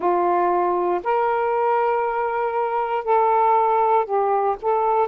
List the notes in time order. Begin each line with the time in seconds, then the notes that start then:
0.00 F4
1.03 A#4
3.04 A4
4.04 G4
4.61 A4